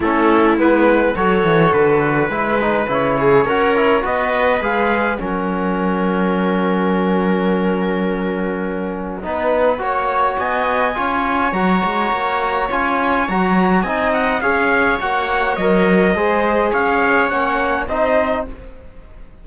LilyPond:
<<
  \new Staff \with { instrumentName = "trumpet" } { \time 4/4 \tempo 4 = 104 a'4 b'4 cis''4 b'4~ | b'4 cis''2 dis''4 | f''4 fis''2.~ | fis''1~ |
fis''2 gis''2 | ais''2 gis''4 ais''4 | gis''8 fis''8 f''4 fis''4 dis''4~ | dis''4 f''4 fis''4 dis''4 | }
  \new Staff \with { instrumentName = "viola" } { \time 4/4 e'2 a'2 | b'4. gis'8 ais'4 b'4~ | b'4 ais'2.~ | ais'1 |
b'4 cis''4 dis''4 cis''4~ | cis''1 | dis''4 cis''2. | c''4 cis''2 c''4 | }
  \new Staff \with { instrumentName = "trombone" } { \time 4/4 cis'4 b4 fis'2 | e'8 dis'8 e'4 fis'8 e'8 fis'4 | gis'4 cis'2.~ | cis'1 |
dis'4 fis'2 f'4 | fis'2 f'4 fis'4 | dis'4 gis'4 fis'4 ais'4 | gis'2 cis'4 dis'4 | }
  \new Staff \with { instrumentName = "cello" } { \time 4/4 a4 gis4 fis8 e8 d4 | gis4 cis4 cis'4 b4 | gis4 fis2.~ | fis1 |
b4 ais4 b4 cis'4 | fis8 gis8 ais4 cis'4 fis4 | c'4 cis'4 ais4 fis4 | gis4 cis'4 ais4 c'4 | }
>>